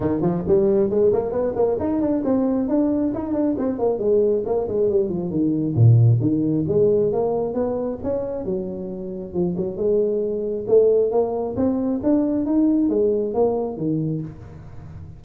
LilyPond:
\new Staff \with { instrumentName = "tuba" } { \time 4/4 \tempo 4 = 135 dis8 f8 g4 gis8 ais8 b8 ais8 | dis'8 d'8 c'4 d'4 dis'8 d'8 | c'8 ais8 gis4 ais8 gis8 g8 f8 | dis4 ais,4 dis4 gis4 |
ais4 b4 cis'4 fis4~ | fis4 f8 fis8 gis2 | a4 ais4 c'4 d'4 | dis'4 gis4 ais4 dis4 | }